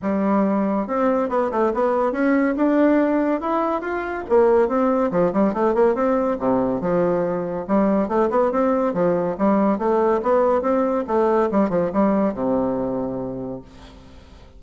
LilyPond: \new Staff \with { instrumentName = "bassoon" } { \time 4/4 \tempo 4 = 141 g2 c'4 b8 a8 | b4 cis'4 d'2 | e'4 f'4 ais4 c'4 | f8 g8 a8 ais8 c'4 c4 |
f2 g4 a8 b8 | c'4 f4 g4 a4 | b4 c'4 a4 g8 f8 | g4 c2. | }